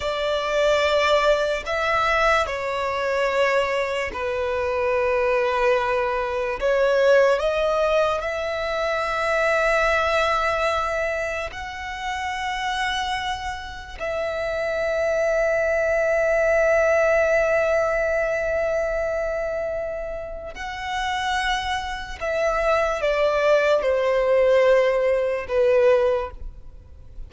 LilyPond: \new Staff \with { instrumentName = "violin" } { \time 4/4 \tempo 4 = 73 d''2 e''4 cis''4~ | cis''4 b'2. | cis''4 dis''4 e''2~ | e''2 fis''2~ |
fis''4 e''2.~ | e''1~ | e''4 fis''2 e''4 | d''4 c''2 b'4 | }